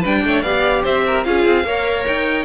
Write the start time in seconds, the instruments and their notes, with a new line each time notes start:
0.00 cello G3, viola D4, violin B4 G5
0.25 cello A3, violin C#5
0.42 cello B3, viola G4, violin D5 F5
0.83 cello C4, violin C5 E5
1.07 violin A#4
1.24 cello C#4, viola F4, violin G#4 F5
1.46 cello C4
1.65 cello A#3, viola A#4, violin C#5
2.08 cello D#4, violin G5